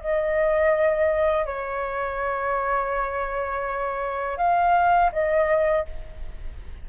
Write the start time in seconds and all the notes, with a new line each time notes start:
0.00 D#5
1.46 C#5
4.37 F5
5.12 D#5